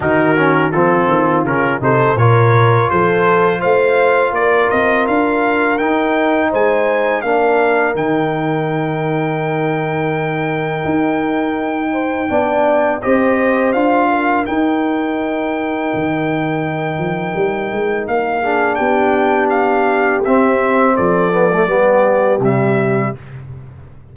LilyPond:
<<
  \new Staff \with { instrumentName = "trumpet" } { \time 4/4 \tempo 4 = 83 ais'4 a'4 ais'8 c''8 cis''4 | c''4 f''4 d''8 dis''8 f''4 | g''4 gis''4 f''4 g''4~ | g''1~ |
g''2 dis''4 f''4 | g''1~ | g''4 f''4 g''4 f''4 | e''4 d''2 e''4 | }
  \new Staff \with { instrumentName = "horn" } { \time 4/4 fis'4 f'4. a'8 ais'4 | a'4 c''4 ais'2~ | ais'4 c''4 ais'2~ | ais'1~ |
ais'8 c''8 d''4 c''4. ais'8~ | ais'1~ | ais'4. gis'8 g'2~ | g'4 a'4 g'2 | }
  \new Staff \with { instrumentName = "trombone" } { \time 4/4 dis'8 cis'8 c'4 cis'8 dis'8 f'4~ | f'1 | dis'2 d'4 dis'4~ | dis'1~ |
dis'4 d'4 g'4 f'4 | dis'1~ | dis'4. d'2~ d'8 | c'4. b16 a16 b4 g4 | }
  \new Staff \with { instrumentName = "tuba" } { \time 4/4 dis4 f8 dis8 cis8 c8 ais,4 | f4 a4 ais8 c'8 d'4 | dis'4 gis4 ais4 dis4~ | dis2. dis'4~ |
dis'4 b4 c'4 d'4 | dis'2 dis4. f8 | g8 gis8 ais4 b2 | c'4 f4 g4 c4 | }
>>